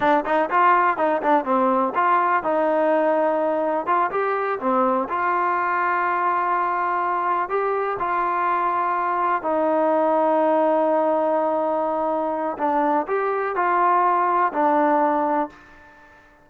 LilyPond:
\new Staff \with { instrumentName = "trombone" } { \time 4/4 \tempo 4 = 124 d'8 dis'8 f'4 dis'8 d'8 c'4 | f'4 dis'2. | f'8 g'4 c'4 f'4.~ | f'2.~ f'8 g'8~ |
g'8 f'2. dis'8~ | dis'1~ | dis'2 d'4 g'4 | f'2 d'2 | }